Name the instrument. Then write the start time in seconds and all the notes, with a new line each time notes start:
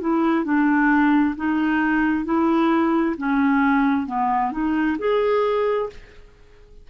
clarinet
0.00 E4
0.44 D4
1.36 D#4
2.24 E4
3.17 C#4
4.06 B3
4.52 D#4
4.98 G#4